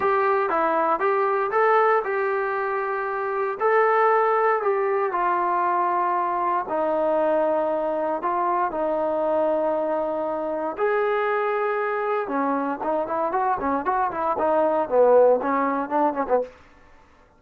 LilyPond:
\new Staff \with { instrumentName = "trombone" } { \time 4/4 \tempo 4 = 117 g'4 e'4 g'4 a'4 | g'2. a'4~ | a'4 g'4 f'2~ | f'4 dis'2. |
f'4 dis'2.~ | dis'4 gis'2. | cis'4 dis'8 e'8 fis'8 cis'8 fis'8 e'8 | dis'4 b4 cis'4 d'8 cis'16 b16 | }